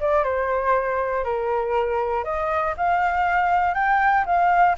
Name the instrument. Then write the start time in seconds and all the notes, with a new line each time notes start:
flute
0.00 D5
0.24 C5
1.24 A#4
2.24 D#5
2.77 F5
3.74 G5
4.26 F5